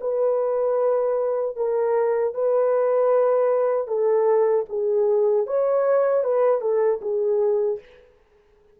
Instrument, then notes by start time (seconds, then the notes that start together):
horn
0.00 B4
1.56 A#4
2.34 B4
3.87 A4
4.69 G#4
5.46 C#5
6.23 B4
6.61 A4
7.01 G#4